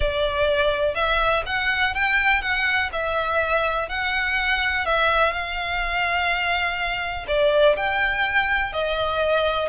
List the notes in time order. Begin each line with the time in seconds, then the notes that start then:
0.00 D5
0.94 E5
1.45 F#5
1.94 G5
2.41 F#5
2.92 E5
3.88 F#5
4.85 E5
5.32 F5
7.27 D5
7.76 G5
8.72 D#5